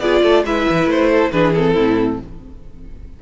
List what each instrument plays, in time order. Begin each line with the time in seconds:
0.00 cello B3, viola F4, violin G#4 D5
0.23 cello A3, violin A4
0.45 cello G#3, viola E4, violin B4 E5
0.70 cello E3
0.86 cello A3, violin C5
1.10 violin A4
1.31 cello E3, viola D4, violin G#4 B4
1.54 viola C4, violin A4
1.74 cello A2, violin E4